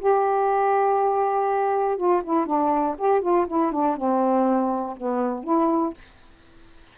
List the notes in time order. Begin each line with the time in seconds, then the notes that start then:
0.00 G4
1.97 F4
2.24 E4
2.46 D4
2.98 G4
3.22 F4
3.47 E4
3.72 D4
3.97 C4
4.97 B3
5.44 E4